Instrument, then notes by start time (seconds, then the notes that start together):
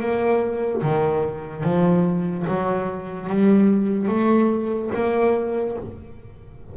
double bass
0.00 A#3
0.83 D#3
1.64 F3
2.47 F#3
3.30 G3
4.08 A3
4.95 A#3